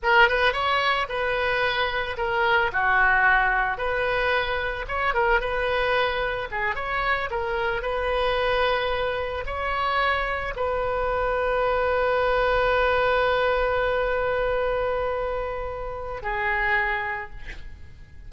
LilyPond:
\new Staff \with { instrumentName = "oboe" } { \time 4/4 \tempo 4 = 111 ais'8 b'8 cis''4 b'2 | ais'4 fis'2 b'4~ | b'4 cis''8 ais'8 b'2 | gis'8 cis''4 ais'4 b'4.~ |
b'4. cis''2 b'8~ | b'1~ | b'1~ | b'2 gis'2 | }